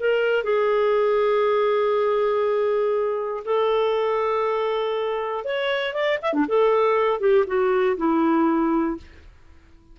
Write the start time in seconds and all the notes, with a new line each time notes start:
0.00 A#4
0.44 G#4
3.45 A4
5.45 C#5
5.94 D5
6.22 E5
6.34 D4
6.49 A4
7.20 G4
7.47 F#4
7.97 E4